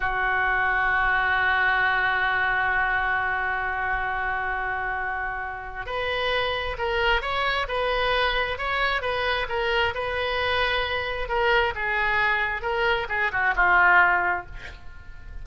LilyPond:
\new Staff \with { instrumentName = "oboe" } { \time 4/4 \tempo 4 = 133 fis'1~ | fis'1~ | fis'1~ | fis'4 b'2 ais'4 |
cis''4 b'2 cis''4 | b'4 ais'4 b'2~ | b'4 ais'4 gis'2 | ais'4 gis'8 fis'8 f'2 | }